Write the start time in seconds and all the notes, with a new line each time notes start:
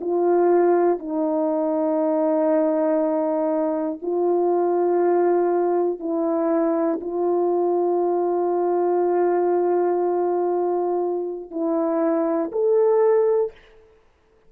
0.00 F4
0.99 D#4
4.01 F4
6.00 E4
7.00 F4
11.50 E4
12.51 A4